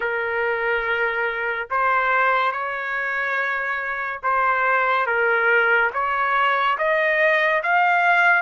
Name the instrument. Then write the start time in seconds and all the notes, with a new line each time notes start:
trumpet
0.00 A#4
1.70 C5
2.51 C#5
4.23 C5
5.06 A#4
5.93 C#5
6.78 D#5
7.63 F5